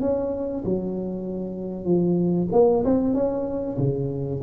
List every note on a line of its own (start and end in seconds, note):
0.00 0.63 C#4
0.64 1.84 F#3
1.84 2.47 F3
2.51 2.83 A#3
2.84 3.13 C4
3.13 3.77 C#4
3.77 4.40 C#3